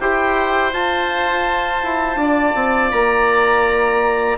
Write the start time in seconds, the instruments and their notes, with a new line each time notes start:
0.00 bassoon E4, trombone G4, oboe C5, trumpet G5
0.72 trombone F4, bassoon F4, trumpet A5
1.83 bassoon E4
2.16 bassoon D4, oboe D5
2.55 bassoon C4
2.91 bassoon A#3, trumpet A#5